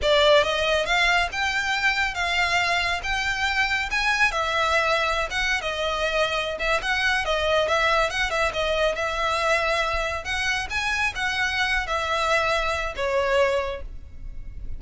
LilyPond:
\new Staff \with { instrumentName = "violin" } { \time 4/4 \tempo 4 = 139 d''4 dis''4 f''4 g''4~ | g''4 f''2 g''4~ | g''4 gis''4 e''2~ | e''16 fis''8. dis''2~ dis''16 e''8 fis''16~ |
fis''8. dis''4 e''4 fis''8 e''8 dis''16~ | dis''8. e''2. fis''16~ | fis''8. gis''4 fis''4.~ fis''16 e''8~ | e''2 cis''2 | }